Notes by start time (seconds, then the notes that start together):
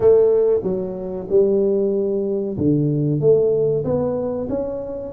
0.00 A3
0.63 F#3
1.29 G3
2.57 D3
3.20 A3
3.84 B3
4.49 C#4